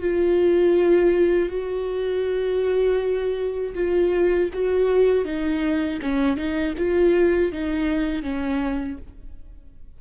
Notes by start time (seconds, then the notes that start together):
0.00 F4
1.49 F#4
3.74 F4
4.53 F#4
5.24 D#4
6.02 C#4
6.36 D#4
6.77 F4
7.52 D#4
8.22 C#4